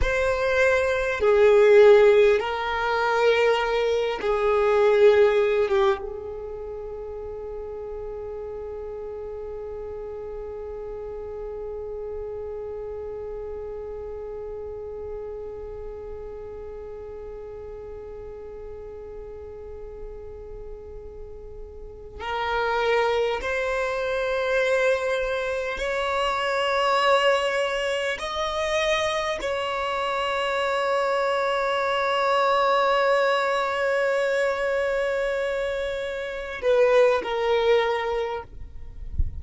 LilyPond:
\new Staff \with { instrumentName = "violin" } { \time 4/4 \tempo 4 = 50 c''4 gis'4 ais'4. gis'8~ | gis'8. g'16 gis'2.~ | gis'1~ | gis'1~ |
gis'2~ gis'8 ais'4 c''8~ | c''4. cis''2 dis''8~ | dis''8 cis''2.~ cis''8~ | cis''2~ cis''8 b'8 ais'4 | }